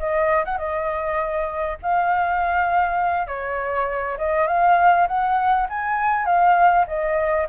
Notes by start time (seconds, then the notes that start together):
0.00 D#5
0.45 F#5
0.58 D#5
1.83 F5
3.28 C#5
4.18 D#5
4.48 F5
5.08 F#5
5.70 G#5
6.26 F5
6.88 D#5